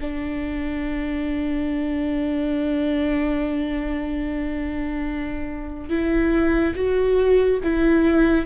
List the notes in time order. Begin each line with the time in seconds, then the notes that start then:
0.00 D4
5.89 E4
6.75 F#4
7.63 E4